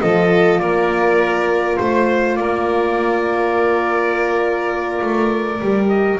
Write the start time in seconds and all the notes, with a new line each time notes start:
0.00 F3 F4 A4 D#5
0.59 A#3 A#4 D5
1.77 A3 C5
2.36 A#3 A#4 D5
5.01 A3
5.61 G3 G4
5.89 D#5